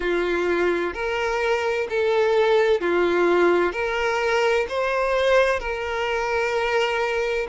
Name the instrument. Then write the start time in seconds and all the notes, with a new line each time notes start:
violin
0.00 F4
0.93 A#4
1.89 A4
2.80 F4
3.72 A#4
4.68 C5
5.60 A#4